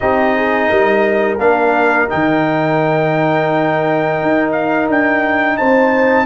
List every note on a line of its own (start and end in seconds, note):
0.00 0.70 C4
0.00 1.39 D#4
0.00 0.35 G4
0.00 1.38 D#5
0.35 0.69 G#4
0.69 1.38 G3
0.69 5.57 A#4
1.38 2.08 A#3
1.38 2.08 D4
1.38 2.09 F5
2.08 4.22 D#3
2.08 6.26 D#4
2.08 4.52 G5
4.22 4.88 D#4
4.52 4.86 F5
4.88 5.58 D4
4.88 5.57 G5
5.57 6.26 C4
5.57 6.26 C5
5.57 6.26 A5